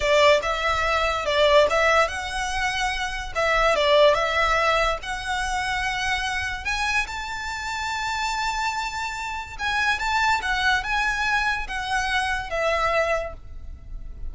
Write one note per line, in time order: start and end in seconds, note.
0.00 0.40 D5
0.42 1.25 E5
1.25 1.67 D5
1.70 2.07 E5
2.07 3.32 F#5
3.35 3.75 E5
3.75 4.14 D5
4.14 4.98 E5
5.02 6.64 F#5
6.64 7.06 G#5
7.06 9.56 A5
9.59 9.99 G#5
9.99 10.40 A5
10.41 10.83 F#5
10.83 11.67 G#5
11.67 12.50 F#5
12.50 13.33 E5